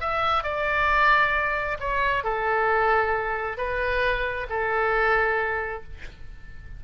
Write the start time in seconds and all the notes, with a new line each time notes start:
0.00 E5
0.43 D5
1.80 C#5
2.23 A4
3.57 B4
4.49 A4